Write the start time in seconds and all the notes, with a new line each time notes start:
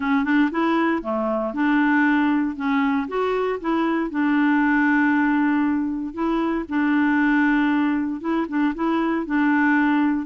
0.00 C#4
0.24 D4
0.51 E4
1.02 A3
1.53 D4
2.55 C#4
3.08 F#4
3.60 E4
4.10 D4
6.13 E4
6.69 D4
8.21 E4
8.48 D4
8.74 E4
9.25 D4